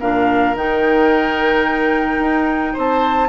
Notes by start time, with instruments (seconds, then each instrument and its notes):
0.00 bassoon A#2, clarinet D4, oboe A#4, flute F5
0.54 bassoon D#3, clarinet D#4, flute G5
2.19 bassoon D#4
2.73 bassoon C4, oboe C5
2.79 flute A5